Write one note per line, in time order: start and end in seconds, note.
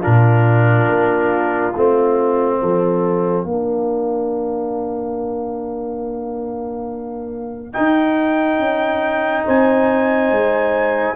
0.00 1.73 D4
0.00 2.57 F4
0.00 1.75 A#4
0.06 0.88 A#2
0.88 1.74 A#3
1.75 2.62 A3
1.75 3.47 C4
1.75 7.73 F5
2.62 3.44 F3
2.62 3.47 A4
3.44 7.73 A#3
3.44 7.74 D4
3.44 9.46 A#4
7.73 11.16 D#4
7.73 8.59 D#4
7.73 9.45 G5
8.59 9.45 C#4
9.46 10.32 C4
9.46 11.16 C5
9.46 11.16 G#5
10.32 11.16 G#3